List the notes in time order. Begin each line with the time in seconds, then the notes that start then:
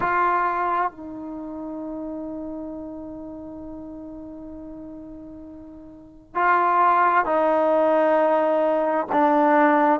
0.00 F4
0.91 D#4
6.34 F4
7.25 D#4
9.12 D4